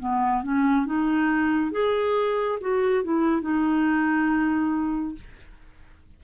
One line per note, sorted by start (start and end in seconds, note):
0.00 0.43 B3
0.43 0.86 C#4
0.86 1.72 D#4
1.72 2.59 G#4
2.61 3.04 F#4
3.04 3.42 E4
3.42 5.16 D#4